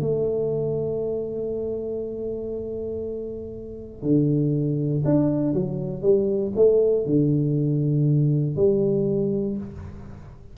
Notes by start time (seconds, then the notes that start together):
0.00 A3
4.02 D3
5.05 D4
5.53 F#3
6.02 G3
6.55 A3
7.06 D3
8.56 G3